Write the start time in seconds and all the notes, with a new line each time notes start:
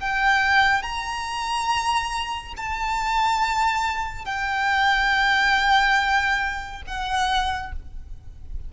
0.00 G5
0.82 A#5
2.57 A5
4.25 G5
6.86 F#5